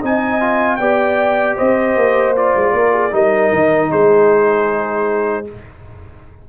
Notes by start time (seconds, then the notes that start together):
0.00 C4 D#4 D#5 G#5
0.40 F4
0.76 B3 G4 D5 G5
1.57 C4 C5 D#5
1.96 A#3
2.36 F4 D5
2.56 G#3
2.73 A#3 A#4
2.93 G#4
3.11 G3 D#4 A#4 D#5
3.52 D#3
3.90 G#3 G#4 C5